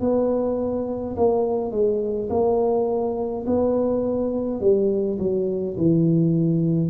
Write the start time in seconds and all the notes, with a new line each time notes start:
0.00 B3
1.16 A#3
1.71 G#3
2.30 A#3
3.47 B3
4.60 G3
5.19 F#3
5.77 E3